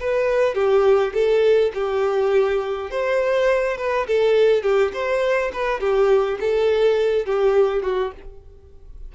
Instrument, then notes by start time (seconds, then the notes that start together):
violin
0.00 B4
0.55 G4
1.14 A4
1.74 G4
2.91 C5
3.78 B4
4.07 A4
4.63 G4
4.93 C5
5.53 B4
5.81 G4
6.41 A4
7.26 G4
7.83 F#4